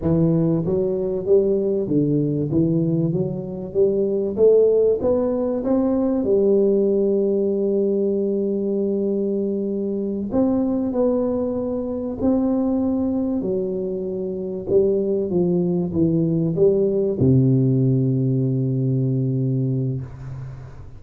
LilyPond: \new Staff \with { instrumentName = "tuba" } { \time 4/4 \tempo 4 = 96 e4 fis4 g4 d4 | e4 fis4 g4 a4 | b4 c'4 g2~ | g1~ |
g8 c'4 b2 c'8~ | c'4. fis2 g8~ | g8 f4 e4 g4 c8~ | c1 | }